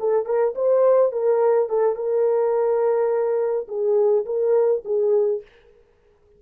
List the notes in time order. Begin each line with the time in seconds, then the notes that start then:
0.00 A4
0.26 A#4
0.56 C5
1.12 A#4
1.70 A4
1.96 A#4
3.68 G#4
4.26 A#4
4.85 G#4